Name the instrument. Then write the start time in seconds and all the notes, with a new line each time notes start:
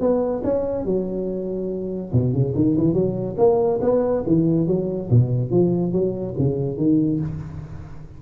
tuba
0.00 B3
0.44 C#4
0.85 F#3
2.12 B2
2.33 C#3
2.55 D#3
2.77 E3
2.93 F#3
3.38 A#3
3.81 B3
4.27 E3
4.67 F#3
5.10 B2
5.51 F3
5.92 F#3
6.38 C#3
6.77 D#3